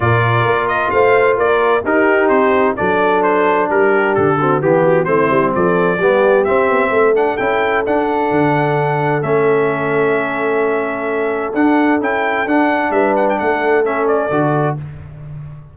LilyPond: <<
  \new Staff \with { instrumentName = "trumpet" } { \time 4/4 \tempo 4 = 130 d''4. dis''8 f''4 d''4 | ais'4 c''4 d''4 c''4 | ais'4 a'4 g'4 c''4 | d''2 e''4. fis''8 |
g''4 fis''2. | e''1~ | e''4 fis''4 g''4 fis''4 | e''8 fis''16 g''16 fis''4 e''8 d''4. | }
  \new Staff \with { instrumentName = "horn" } { \time 4/4 ais'2 c''4 ais'4 | g'2 a'2 | g'4. fis'8 g'8 fis'8 e'4 | a'4 g'2 a'4~ |
a'1~ | a'1~ | a'1 | b'4 a'2. | }
  \new Staff \with { instrumentName = "trombone" } { \time 4/4 f'1 | dis'2 d'2~ | d'4. c'8 b4 c'4~ | c'4 b4 c'4. d'8 |
e'4 d'2. | cis'1~ | cis'4 d'4 e'4 d'4~ | d'2 cis'4 fis'4 | }
  \new Staff \with { instrumentName = "tuba" } { \time 4/4 ais,4 ais4 a4 ais4 | dis'4 c'4 fis2 | g4 d4 e4 a8 g8 | f4 g4 c'8 b8 a4 |
cis'4 d'4 d2 | a1~ | a4 d'4 cis'4 d'4 | g4 a2 d4 | }
>>